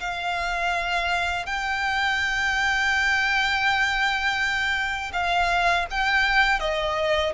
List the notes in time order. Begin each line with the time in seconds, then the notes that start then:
0.00 F5
1.46 G5
5.13 F5
5.90 G5
6.60 D#5